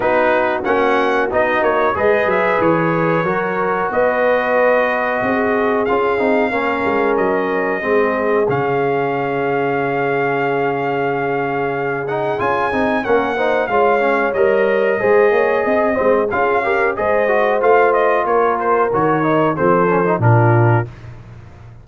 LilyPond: <<
  \new Staff \with { instrumentName = "trumpet" } { \time 4/4 \tempo 4 = 92 b'4 fis''4 dis''8 cis''8 dis''8 e''8 | cis''2 dis''2~ | dis''4 f''2 dis''4~ | dis''4 f''2.~ |
f''2~ f''8 fis''8 gis''4 | fis''4 f''4 dis''2~ | dis''4 f''4 dis''4 f''8 dis''8 | cis''8 c''8 cis''4 c''4 ais'4 | }
  \new Staff \with { instrumentName = "horn" } { \time 4/4 fis'2. b'4~ | b'4 ais'4 b'2 | gis'2 ais'2 | gis'1~ |
gis'1 | ais'8 c''8 cis''2 c''8 cis''8 | dis''8 c''8 gis'8 ais'8 c''2 | ais'2 a'4 f'4 | }
  \new Staff \with { instrumentName = "trombone" } { \time 4/4 dis'4 cis'4 dis'4 gis'4~ | gis'4 fis'2.~ | fis'4 f'8 dis'8 cis'2 | c'4 cis'2.~ |
cis'2~ cis'8 dis'8 f'8 dis'8 | cis'8 dis'8 f'8 cis'8 ais'4 gis'4~ | gis'8 c'8 f'8 g'8 gis'8 fis'8 f'4~ | f'4 fis'8 dis'8 c'8 cis'16 dis'16 d'4 | }
  \new Staff \with { instrumentName = "tuba" } { \time 4/4 b4 ais4 b8 ais8 gis8 fis8 | e4 fis4 b2 | c'4 cis'8 c'8 ais8 gis8 fis4 | gis4 cis2.~ |
cis2. cis'8 c'8 | ais4 gis4 g4 gis8 ais8 | c'8 gis8 cis'4 gis4 a4 | ais4 dis4 f4 ais,4 | }
>>